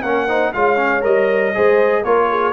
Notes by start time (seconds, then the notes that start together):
0.00 A#3 C#4 A#4 F#5
0.28 D#4 C5
0.53 G#3 F4 C#5 F5
0.77 C#4
1.01 G3 A#4 D#5
1.54 G#3 G#4 C5
2.02 A#3 F4 A#4 C#5
2.29 G#4